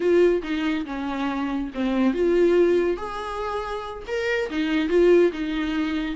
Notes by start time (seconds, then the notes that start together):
0.00 F4
0.42 D#4
0.85 C#4
1.74 C4
2.13 F4
2.97 G#4
4.07 A#4
4.50 D#4
4.89 F4
5.32 D#4